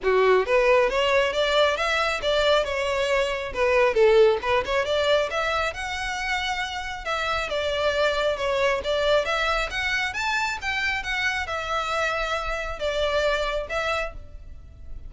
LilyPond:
\new Staff \with { instrumentName = "violin" } { \time 4/4 \tempo 4 = 136 fis'4 b'4 cis''4 d''4 | e''4 d''4 cis''2 | b'4 a'4 b'8 cis''8 d''4 | e''4 fis''2. |
e''4 d''2 cis''4 | d''4 e''4 fis''4 a''4 | g''4 fis''4 e''2~ | e''4 d''2 e''4 | }